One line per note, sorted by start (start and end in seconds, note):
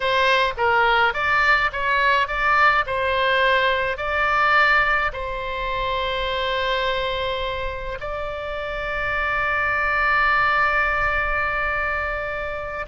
0.00 0.53 C5
0.57 1.13 A#4
1.13 1.70 D5
1.72 2.27 C#5
2.27 2.84 D5
2.86 3.97 C5
3.97 5.11 D5
5.12 7.98 C5
8.00 12.86 D5